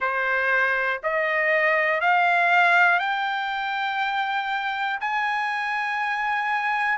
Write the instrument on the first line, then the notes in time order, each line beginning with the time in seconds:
trumpet
0.00 C5
1.03 D#5
2.00 F5
2.99 G5
5.00 G#5